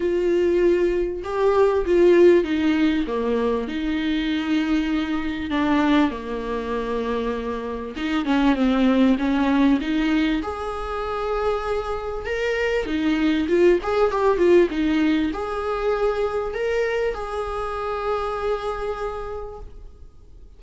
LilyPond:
\new Staff \with { instrumentName = "viola" } { \time 4/4 \tempo 4 = 98 f'2 g'4 f'4 | dis'4 ais4 dis'2~ | dis'4 d'4 ais2~ | ais4 dis'8 cis'8 c'4 cis'4 |
dis'4 gis'2. | ais'4 dis'4 f'8 gis'8 g'8 f'8 | dis'4 gis'2 ais'4 | gis'1 | }